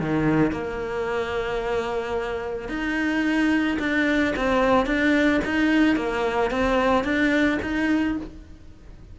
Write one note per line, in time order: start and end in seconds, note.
0.00 0.52 D#3
0.52 2.69 A#3
2.69 3.78 D#4
3.80 4.34 D4
4.36 4.86 C4
4.86 5.40 D4
5.45 5.96 D#4
5.96 6.51 A#3
6.51 7.04 C4
7.04 7.58 D4
7.62 8.17 D#4